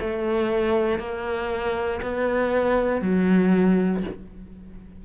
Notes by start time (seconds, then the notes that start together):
0.00 A3
0.99 A#3
2.02 B3
3.01 F#3